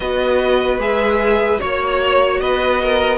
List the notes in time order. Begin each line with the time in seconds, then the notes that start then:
0.00 B3 F#4 B4 D#5
0.78 G#3 G#4 E5
1.59 A#3 F#4 C#5
2.40 B3 B4 D#5
2.82 A#4